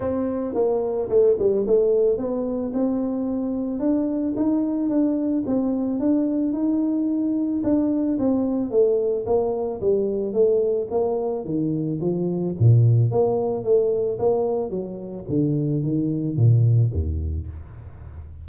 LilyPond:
\new Staff \with { instrumentName = "tuba" } { \time 4/4 \tempo 4 = 110 c'4 ais4 a8 g8 a4 | b4 c'2 d'4 | dis'4 d'4 c'4 d'4 | dis'2 d'4 c'4 |
a4 ais4 g4 a4 | ais4 dis4 f4 ais,4 | ais4 a4 ais4 fis4 | d4 dis4 ais,4 dis,4 | }